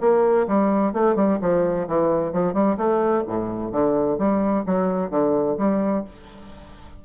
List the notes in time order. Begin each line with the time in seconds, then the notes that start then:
0.00 A#3
0.47 G3
0.93 A3
1.15 G3
1.41 F3
1.87 E3
2.33 F3
2.53 G3
2.77 A3
3.27 A2
3.72 D3
4.18 G3
4.66 F#3
5.10 D3
5.58 G3